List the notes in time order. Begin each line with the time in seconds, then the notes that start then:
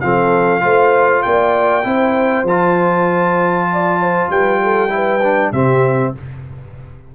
0.00 F3 C4 A4 F5
0.60 A3 F4 C5
1.22 A#3 D5 G5
1.84 C4 E4 C5
2.43 F3 F4 A5
3.72 D5
4.00 C5
4.29 G3 B4 G5
4.63 A4
4.89 E4 B4
5.23 D4
5.52 C3 C4 G4 E5